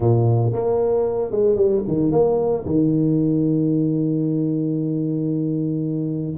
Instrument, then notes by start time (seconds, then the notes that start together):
tuba
0.00 A#2
0.53 A#3
1.31 G#3
1.55 G3
1.87 D#3
2.11 A#3
2.65 D#3